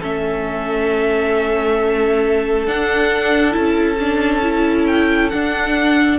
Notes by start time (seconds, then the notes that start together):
0.00 A3 C#4 A4 E5
2.67 D4 F#5
3.51 C#4 E4 A5
4.00 D4
4.42 E4
4.87 G5
5.30 D4 F#5